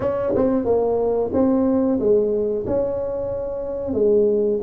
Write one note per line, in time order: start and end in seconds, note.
0.00 0.33 C#4
0.35 0.64 C4
0.64 1.30 A#3
1.33 1.99 C4
1.99 2.65 G#3
2.66 3.93 C#4
3.93 4.59 G#3